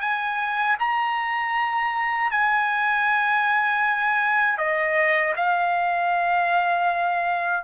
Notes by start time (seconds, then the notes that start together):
0.00 G#5
0.79 A#5
2.31 G#5
4.57 D#5
5.36 F5